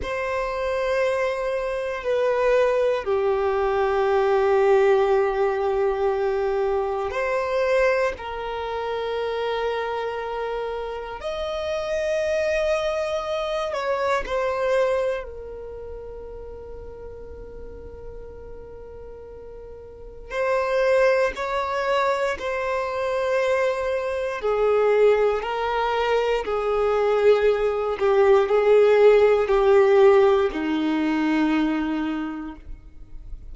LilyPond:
\new Staff \with { instrumentName = "violin" } { \time 4/4 \tempo 4 = 59 c''2 b'4 g'4~ | g'2. c''4 | ais'2. dis''4~ | dis''4. cis''8 c''4 ais'4~ |
ais'1 | c''4 cis''4 c''2 | gis'4 ais'4 gis'4. g'8 | gis'4 g'4 dis'2 | }